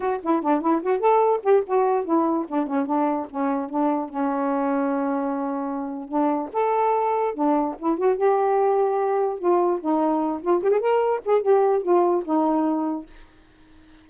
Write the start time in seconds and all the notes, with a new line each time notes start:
0.00 F#4
0.22 E4
0.42 D4
0.61 E4
0.82 F#4
0.99 A4
1.42 G4
1.66 F#4
2.04 E4
2.48 D4
2.67 C#4
2.86 D4
3.30 C#4
3.69 D4
4.09 C#4
6.08 D4
6.53 A4
7.34 D4
7.78 E4
7.98 F#4
8.16 G4
9.38 F4
9.80 D#4
10.41 F4
10.62 G4
10.71 G#4
10.79 A#4
11.25 G#4
11.41 G4
11.82 F4
12.24 D#4